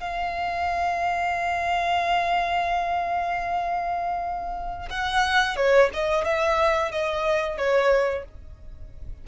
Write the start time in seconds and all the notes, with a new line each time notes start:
0.00 F5
4.89 F#5
5.56 C#5
5.93 D#5
6.24 E5
6.91 D#5
7.57 C#5